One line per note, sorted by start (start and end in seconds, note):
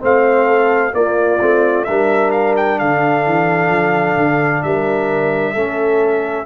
0.00 0.94 A3
0.00 0.92 C4
0.00 0.47 C5
0.00 0.95 F5
0.47 0.94 A4
0.93 1.39 A#3
0.93 1.40 A#3
0.93 1.88 F4
0.93 1.85 D5
1.41 1.88 A3
1.41 1.87 C4
1.85 2.81 G3
1.85 5.56 D4
1.85 2.80 A#4
1.85 2.31 E5
2.32 2.55 F5
2.57 2.79 G5
2.79 3.26 D3
2.79 4.64 A4
2.79 4.63 F5
3.26 3.70 E3
3.70 4.16 F3
4.17 4.63 D3
4.63 5.56 G3
4.63 5.54 A#4
4.63 6.46 E5
5.54 6.46 A3
5.54 6.46 C#4
5.54 6.46 A4